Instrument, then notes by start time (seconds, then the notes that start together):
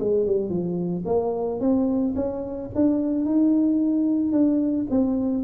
tuba
0.00 G#3
0.26 G3
0.50 F3
1.06 A#3
1.60 C4
2.16 C#4
2.75 D4
3.25 D#4
4.32 D4
4.91 C4